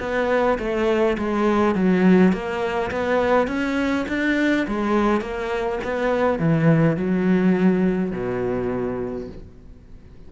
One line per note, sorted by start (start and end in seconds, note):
0.00 0.58 B3
0.59 1.17 A3
1.18 1.75 G#3
1.75 2.32 F#3
2.32 2.91 A#3
2.91 3.47 B3
3.47 4.06 C#4
4.08 4.67 D4
4.68 5.21 G#3
5.21 5.79 A#3
5.84 6.39 B3
6.39 6.97 E3
6.97 8.12 F#3
8.12 9.28 B2